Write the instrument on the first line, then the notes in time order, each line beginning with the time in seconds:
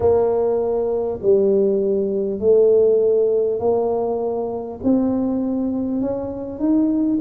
tuba
0.00 A#3
1.22 G3
2.39 A3
3.59 A#3
4.83 C4
6.01 C#4
6.59 D#4